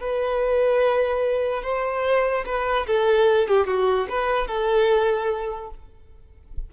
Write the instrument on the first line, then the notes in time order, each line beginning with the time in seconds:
violin
0.00 B4
1.63 C5
2.45 B4
2.86 A4
3.47 G4
3.67 F#4
4.09 B4
4.47 A4